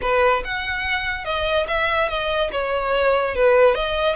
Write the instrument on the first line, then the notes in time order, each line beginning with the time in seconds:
violin
0.01 B4
0.44 F#5
1.24 D#5
1.67 E5
2.09 D#5
2.52 C#5
3.35 B4
3.74 D#5